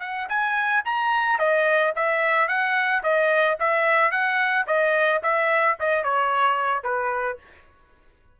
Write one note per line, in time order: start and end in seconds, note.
0.00 0.27 F#5
0.29 0.83 G#5
0.85 1.39 A#5
1.39 1.93 D#5
1.96 2.48 E5
2.48 3.02 F#5
3.03 3.58 D#5
3.60 4.11 E5
4.11 4.66 F#5
4.67 5.21 D#5
5.23 5.77 E5
5.80 6.03 D#5
6.03 6.84 C#5
6.84 7.38 B4